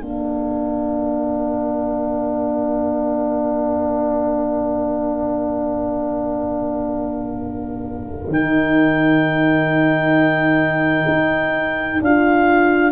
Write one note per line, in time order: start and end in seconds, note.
0.00 8.28 A#3
0.00 8.32 D4
0.00 12.92 A#4
0.00 8.32 F5
8.28 11.05 D#3
8.28 12.01 D#4
8.28 12.02 G5
11.08 12.00 D#4
12.02 12.92 D4
12.02 12.92 F4
12.02 12.92 F5